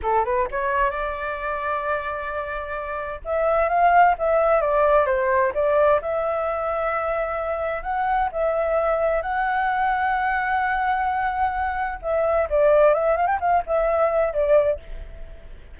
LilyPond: \new Staff \with { instrumentName = "flute" } { \time 4/4 \tempo 4 = 130 a'8 b'8 cis''4 d''2~ | d''2. e''4 | f''4 e''4 d''4 c''4 | d''4 e''2.~ |
e''4 fis''4 e''2 | fis''1~ | fis''2 e''4 d''4 | e''8 f''16 g''16 f''8 e''4. d''4 | }